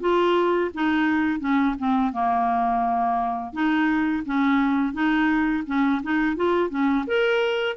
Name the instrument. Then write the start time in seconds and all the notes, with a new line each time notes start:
clarinet
0.00 F4
0.74 D#4
1.40 C#4
1.78 C4
2.12 A#3
3.53 D#4
4.25 C#4
4.93 D#4
5.66 C#4
6.03 D#4
6.36 F4
6.69 C#4
7.07 A#4